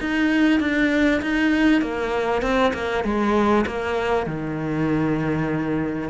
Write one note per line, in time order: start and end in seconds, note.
0.00 0.60 D#4
0.60 1.21 D4
1.21 1.81 D#4
1.81 2.42 A#3
2.42 2.72 C4
2.73 3.03 A#3
3.03 3.65 G#3
3.66 4.26 A#3
4.26 6.09 D#3